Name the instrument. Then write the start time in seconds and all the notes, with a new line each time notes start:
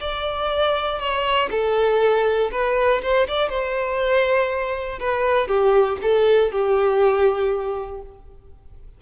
violin
0.00 D5
0.99 C#5
1.50 A4
2.51 B4
3.02 C5
3.27 D5
3.49 C5
5.00 B4
5.47 G4
6.02 A4
6.51 G4